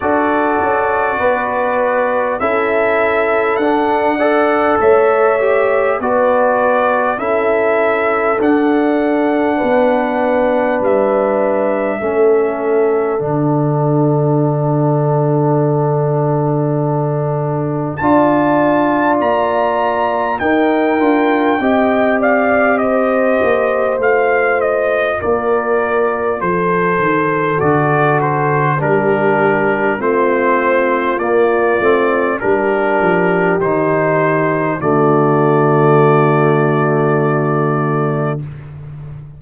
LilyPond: <<
  \new Staff \with { instrumentName = "trumpet" } { \time 4/4 \tempo 4 = 50 d''2 e''4 fis''4 | e''4 d''4 e''4 fis''4~ | fis''4 e''2 fis''4~ | fis''2. a''4 |
ais''4 g''4. f''8 dis''4 | f''8 dis''8 d''4 c''4 d''8 c''8 | ais'4 c''4 d''4 ais'4 | c''4 d''2. | }
  \new Staff \with { instrumentName = "horn" } { \time 4/4 a'4 b'4 a'4. d''8 | cis''4 b'4 a'2 | b'2 a'2~ | a'2. d''4~ |
d''4 ais'4 dis''8 d''8 c''4~ | c''4 ais'4 a'2 | g'4 f'2 g'4~ | g'4 fis'2. | }
  \new Staff \with { instrumentName = "trombone" } { \time 4/4 fis'2 e'4 d'8 a'8~ | a'8 g'8 fis'4 e'4 d'4~ | d'2 cis'4 d'4~ | d'2. f'4~ |
f'4 dis'8 f'8 g'2 | f'2. fis'4 | d'4 c'4 ais8 c'8 d'4 | dis'4 a2. | }
  \new Staff \with { instrumentName = "tuba" } { \time 4/4 d'8 cis'8 b4 cis'4 d'4 | a4 b4 cis'4 d'4 | b4 g4 a4 d4~ | d2. d'4 |
ais4 dis'8 d'8 c'4. ais8 | a4 ais4 f8 dis8 d4 | g4 a4 ais8 a8 g8 f8 | dis4 d2. | }
>>